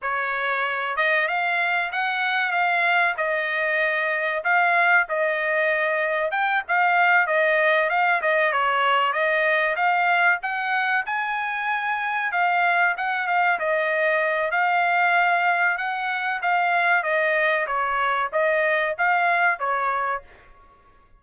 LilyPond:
\new Staff \with { instrumentName = "trumpet" } { \time 4/4 \tempo 4 = 95 cis''4. dis''8 f''4 fis''4 | f''4 dis''2 f''4 | dis''2 g''8 f''4 dis''8~ | dis''8 f''8 dis''8 cis''4 dis''4 f''8~ |
f''8 fis''4 gis''2 f''8~ | f''8 fis''8 f''8 dis''4. f''4~ | f''4 fis''4 f''4 dis''4 | cis''4 dis''4 f''4 cis''4 | }